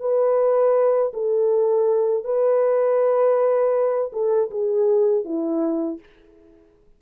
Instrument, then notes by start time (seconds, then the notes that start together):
horn
0.00 B4
1.14 A4
2.24 B4
4.13 A4
4.51 G#4
5.25 E4